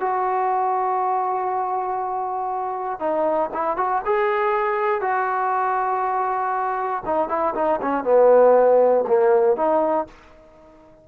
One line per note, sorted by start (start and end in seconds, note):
0.00 2.99 F#4
2.99 3.50 D#4
3.54 3.77 E4
3.77 4.02 F#4
4.05 5.01 G#4
5.01 7.03 F#4
7.05 7.29 D#4
7.29 7.54 E4
7.55 7.80 D#4
7.82 8.04 C#4
8.04 9.05 B3
9.07 9.56 A#3
9.56 10.07 D#4